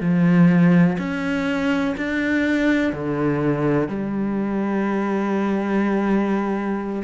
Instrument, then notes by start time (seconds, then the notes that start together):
cello
0.00 F3
0.98 C#4
1.97 D4
2.93 D3
3.88 G3